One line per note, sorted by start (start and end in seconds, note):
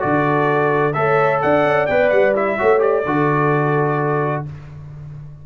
0.00 0.96 D3
0.00 0.93 F#4
0.00 0.96 A4
0.00 0.94 D5
0.94 1.42 A3
0.94 1.88 A4
0.94 1.43 C#5
0.94 1.40 E5
1.42 1.65 D4
1.42 2.59 D5
1.42 1.87 F#5
1.65 1.88 C#4
1.87 2.12 B3
1.87 2.36 B4
1.87 2.10 G5
2.10 2.58 G3
2.10 2.34 F#5
2.36 2.59 E4
2.36 2.82 E5
2.59 3.06 A3
2.59 2.79 F#4
2.59 3.05 C#5
2.79 3.03 G4
2.79 4.45 D5
3.06 4.46 D3
3.06 4.46 F#4
3.06 4.46 A4